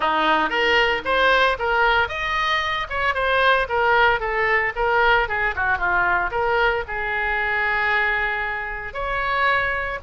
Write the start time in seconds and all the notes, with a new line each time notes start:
0.00 D#4
0.49 A#4
1.04 C5
1.58 A#4
2.08 D#5
2.89 C#5
3.14 C5
3.68 A#4
4.20 A4
4.75 A#4
5.28 G#4
5.55 F#4
5.78 F4
6.31 A#4
6.87 G#4
8.93 C#5